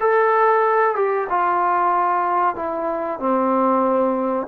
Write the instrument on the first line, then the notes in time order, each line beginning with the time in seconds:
trombone
0.00 A4
0.95 G4
1.29 F4
2.55 E4
3.19 C4